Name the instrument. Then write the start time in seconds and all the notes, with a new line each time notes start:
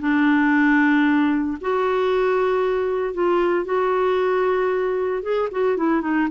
clarinet
0.00 D4
1.61 F#4
3.14 F4
3.65 F#4
5.23 G#4
5.51 F#4
5.77 E4
6.01 D#4